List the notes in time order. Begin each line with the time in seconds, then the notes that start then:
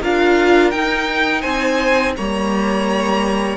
0.00 D4 F4 A#4 F5
0.71 D#4 G5
1.41 C4 C5 G#5
2.16 G3 A#3 C#5 A#5